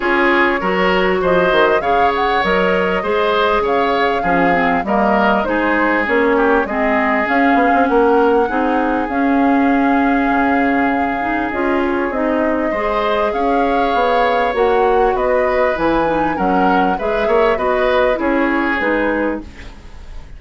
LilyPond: <<
  \new Staff \with { instrumentName = "flute" } { \time 4/4 \tempo 4 = 99 cis''2 dis''4 f''8 fis''8 | dis''2 f''2 | dis''4 c''4 cis''4 dis''4 | f''4 fis''2 f''4~ |
f''2. dis''8 cis''8 | dis''2 f''2 | fis''4 dis''4 gis''4 fis''4 | e''4 dis''4 cis''4 b'4 | }
  \new Staff \with { instrumentName = "oboe" } { \time 4/4 gis'4 ais'4 c''4 cis''4~ | cis''4 c''4 cis''4 gis'4 | ais'4 gis'4. g'8 gis'4~ | gis'4 ais'4 gis'2~ |
gis'1~ | gis'4 c''4 cis''2~ | cis''4 b'2 ais'4 | b'8 cis''8 b'4 gis'2 | }
  \new Staff \with { instrumentName = "clarinet" } { \time 4/4 f'4 fis'2 gis'4 | ais'4 gis'2 cis'8 c'8 | ais4 dis'4 cis'4 c'4 | cis'2 dis'4 cis'4~ |
cis'2~ cis'8 dis'8 f'4 | dis'4 gis'2. | fis'2 e'8 dis'8 cis'4 | gis'4 fis'4 e'4 dis'4 | }
  \new Staff \with { instrumentName = "bassoon" } { \time 4/4 cis'4 fis4 f8 dis8 cis4 | fis4 gis4 cis4 f4 | g4 gis4 ais4 gis4 | cis'8 b16 c'16 ais4 c'4 cis'4~ |
cis'4 cis2 cis'4 | c'4 gis4 cis'4 b4 | ais4 b4 e4 fis4 | gis8 ais8 b4 cis'4 gis4 | }
>>